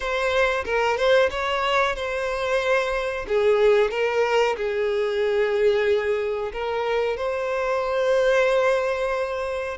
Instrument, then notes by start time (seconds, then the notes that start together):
violin
0.00 C5
0.64 A#4
0.97 C5
1.30 C#5
1.95 C5
3.28 G#4
3.90 A#4
4.56 G#4
6.52 A#4
7.17 C5